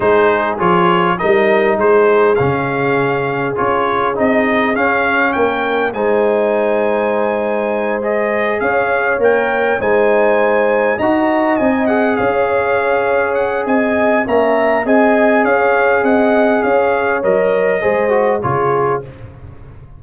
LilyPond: <<
  \new Staff \with { instrumentName = "trumpet" } { \time 4/4 \tempo 4 = 101 c''4 cis''4 dis''4 c''4 | f''2 cis''4 dis''4 | f''4 g''4 gis''2~ | gis''4. dis''4 f''4 g''8~ |
g''8 gis''2 ais''4 gis''8 | fis''8 f''2 fis''8 gis''4 | ais''4 gis''4 f''4 fis''4 | f''4 dis''2 cis''4 | }
  \new Staff \with { instrumentName = "horn" } { \time 4/4 gis'2 ais'4 gis'4~ | gis'1~ | gis'4 ais'4 c''2~ | c''2~ c''8 cis''4.~ |
cis''8 c''2 dis''4.~ | dis''8 cis''2~ cis''8 dis''4 | e''4 dis''4 cis''4 dis''4 | cis''2 c''4 gis'4 | }
  \new Staff \with { instrumentName = "trombone" } { \time 4/4 dis'4 f'4 dis'2 | cis'2 f'4 dis'4 | cis'2 dis'2~ | dis'4. gis'2 ais'8~ |
ais'8 dis'2 fis'4 dis'8 | gis'1 | cis'4 gis'2.~ | gis'4 ais'4 gis'8 fis'8 f'4 | }
  \new Staff \with { instrumentName = "tuba" } { \time 4/4 gis4 f4 g4 gis4 | cis2 cis'4 c'4 | cis'4 ais4 gis2~ | gis2~ gis8 cis'4 ais8~ |
ais8 gis2 dis'4 c'8~ | c'8 cis'2~ cis'8 c'4 | ais4 c'4 cis'4 c'4 | cis'4 fis4 gis4 cis4 | }
>>